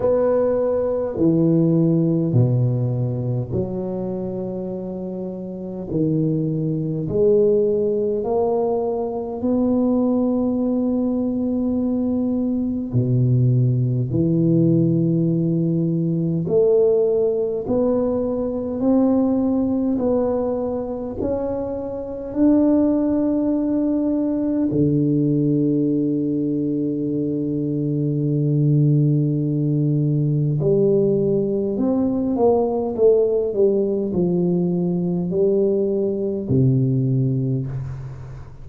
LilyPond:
\new Staff \with { instrumentName = "tuba" } { \time 4/4 \tempo 4 = 51 b4 e4 b,4 fis4~ | fis4 dis4 gis4 ais4 | b2. b,4 | e2 a4 b4 |
c'4 b4 cis'4 d'4~ | d'4 d2.~ | d2 g4 c'8 ais8 | a8 g8 f4 g4 c4 | }